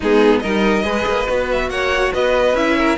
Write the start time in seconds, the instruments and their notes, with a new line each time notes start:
0.00 cello G#3, viola B3, violin D#4 G#4
0.39 cello G3, viola D#4, violin A#4 D#5
0.83 cello G#3, viola G#4, violin B4
1.06 cello A#3
1.28 cello B3, viola F#4
1.51 violin E5
1.69 cello A#3, violin C#5 F#5
2.12 cello B3, violin B4 D#5
2.53 cello C#4, viola E4, violin E5
2.77 violin A#4